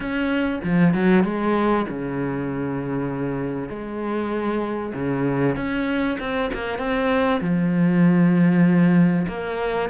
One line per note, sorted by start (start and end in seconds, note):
0.00 0.60 C#4
0.64 0.94 F3
0.94 1.24 F#3
1.24 1.86 G#3
1.88 3.69 C#3
3.69 4.93 G#3
4.94 5.56 C#3
5.56 6.17 C#4
6.19 6.50 C4
6.53 6.78 A#3
6.78 7.40 C4
7.41 9.26 F3
9.28 9.89 A#3